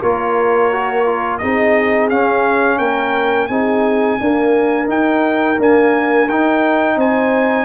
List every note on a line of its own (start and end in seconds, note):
0.00 1.42 A#3
0.00 0.72 F4
0.00 1.40 A#4
0.00 1.38 C#5
0.72 1.06 F#4
1.06 1.41 F4
1.38 2.11 C4
1.38 2.11 D#4
1.38 2.78 G#4
1.38 2.08 D#5
2.10 3.50 C#4
2.10 2.80 C#4
2.10 2.78 F5
2.78 3.49 A#3
2.78 3.48 A#4
2.78 3.47 G5
3.47 4.19 C4
3.47 4.20 D#4
3.47 4.19 G#4
3.47 4.87 G#5
4.20 4.86 A#3
4.20 4.89 D4
4.20 6.97 A#4
4.86 5.56 D#4
4.86 5.58 D#4
4.86 5.60 G5
5.58 6.28 A#3
5.58 6.28 D4
5.58 6.29 G#5
6.28 6.97 D#4
6.28 7.65 D#4
6.28 6.99 G5
6.97 7.65 C4
6.97 7.65 C5
6.97 7.65 G#5